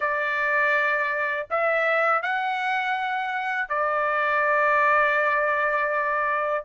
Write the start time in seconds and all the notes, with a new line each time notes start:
0.00 D5
1.50 E5
2.22 F#5
3.68 D5